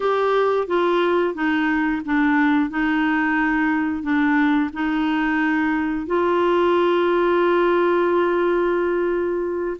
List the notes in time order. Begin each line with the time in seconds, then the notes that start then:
0.00 G4
0.67 F4
1.34 D#4
2.05 D4
2.70 D#4
4.02 D4
4.73 D#4
6.06 F4